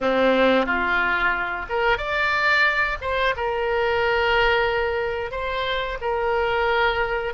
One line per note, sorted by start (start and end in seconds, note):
0.00 0.66 C4
0.66 1.66 F4
1.69 1.97 A#4
1.97 2.97 D5
3.01 3.34 C5
3.36 5.31 A#4
5.31 5.98 C5
6.01 7.33 A#4